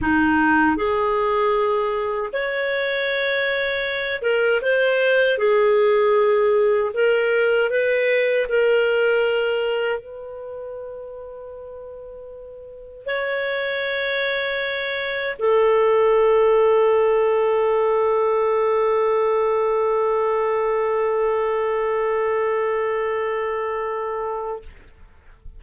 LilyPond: \new Staff \with { instrumentName = "clarinet" } { \time 4/4 \tempo 4 = 78 dis'4 gis'2 cis''4~ | cis''4. ais'8 c''4 gis'4~ | gis'4 ais'4 b'4 ais'4~ | ais'4 b'2.~ |
b'4 cis''2. | a'1~ | a'1~ | a'1 | }